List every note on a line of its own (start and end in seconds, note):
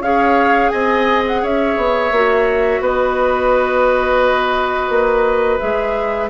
0.00 0.70 C#4
0.00 2.12 G#4
0.00 0.72 C#5
0.00 0.69 F5
0.69 1.43 C4
0.69 1.42 D#5
0.69 1.22 G#5
1.27 1.45 F#5
1.42 1.77 C#4
1.42 2.81 C#5
1.42 2.84 E5
1.77 2.11 B3
2.11 2.80 A#3
2.11 5.60 F#4
2.80 4.89 B3
2.80 6.30 B4
2.80 5.59 D#5
4.89 5.59 A#3
5.59 6.30 G#3
5.59 6.29 G#4
5.59 6.29 E5